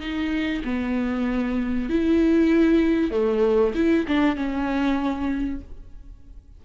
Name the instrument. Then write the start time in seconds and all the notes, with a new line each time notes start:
viola
0.00 D#4
0.65 B3
1.89 E4
3.11 A3
3.75 E4
4.08 D4
4.36 C#4